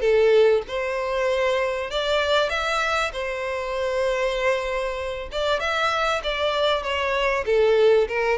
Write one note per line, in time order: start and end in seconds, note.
0.00 0.62 A4
0.67 1.90 C5
1.90 2.49 D5
2.49 3.11 E5
3.12 5.29 C5
5.31 5.59 D5
5.59 6.21 E5
6.23 6.82 D5
6.82 7.44 C#5
7.45 8.07 A4
8.08 8.38 A#4